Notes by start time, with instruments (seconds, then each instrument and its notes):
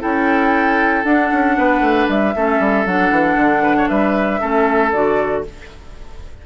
0.00 bassoon C#4, clarinet E4, oboe A4, flute G5
1.04 bassoon D4, clarinet D4, flute F#5
1.33 bassoon C#4
1.57 bassoon B3, oboe B4
1.81 bassoon A3
2.08 bassoon G3, flute E5
2.35 bassoon A3, clarinet C#4, oboe A4
2.59 bassoon G3
2.85 bassoon F#3, clarinet D4, flute F#5
3.11 bassoon E3
3.36 bassoon D3
3.63 oboe B4
3.77 oboe C#5
3.88 bassoon G3, oboe B4, flute E5
4.40 bassoon A3, clarinet C#4, oboe A4
4.92 bassoon D3, clarinet F#4, flute D5